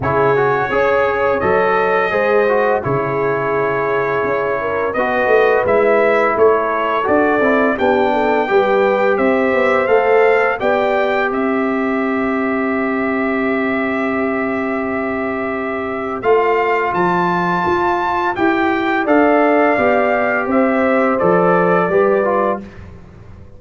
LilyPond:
<<
  \new Staff \with { instrumentName = "trumpet" } { \time 4/4 \tempo 4 = 85 cis''2 dis''2 | cis''2. dis''4 | e''4 cis''4 d''4 g''4~ | g''4 e''4 f''4 g''4 |
e''1~ | e''2. f''4 | a''2 g''4 f''4~ | f''4 e''4 d''2 | }
  \new Staff \with { instrumentName = "horn" } { \time 4/4 gis'4 cis''2 c''4 | gis'2~ gis'8 ais'8 b'4~ | b'4 a'2 g'8 a'8 | b'4 c''2 d''4 |
c''1~ | c''1~ | c''2. d''4~ | d''4 c''2 b'4 | }
  \new Staff \with { instrumentName = "trombone" } { \time 4/4 e'8 fis'8 gis'4 a'4 gis'8 fis'8 | e'2. fis'4 | e'2 fis'8 e'8 d'4 | g'2 a'4 g'4~ |
g'1~ | g'2. f'4~ | f'2 g'4 a'4 | g'2 a'4 g'8 f'8 | }
  \new Staff \with { instrumentName = "tuba" } { \time 4/4 cis4 cis'4 fis4 gis4 | cis2 cis'4 b8 a8 | gis4 a4 d'8 c'8 b4 | g4 c'8 b8 a4 b4 |
c'1~ | c'2. a4 | f4 f'4 e'4 d'4 | b4 c'4 f4 g4 | }
>>